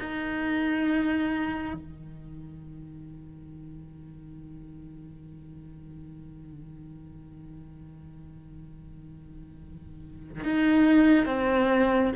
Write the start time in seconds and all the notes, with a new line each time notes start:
0.00 D#4
1.74 D#3
10.45 D#4
11.26 C4